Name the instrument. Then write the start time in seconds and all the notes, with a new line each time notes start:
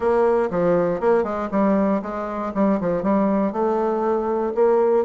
bassoon
0.00 A#3
0.50 F3
1.00 A#3
1.23 G#3
1.51 G3
2.02 G#3
2.54 G3
2.80 F3
3.02 G3
3.52 A3
4.54 A#3